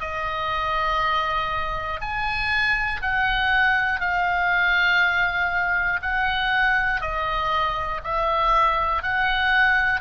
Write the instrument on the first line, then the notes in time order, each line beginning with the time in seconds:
oboe
0.00 D#5
2.01 G#5
3.02 F#5
4.00 F5
6.02 F#5
7.01 D#5
8.04 E5
9.03 F#5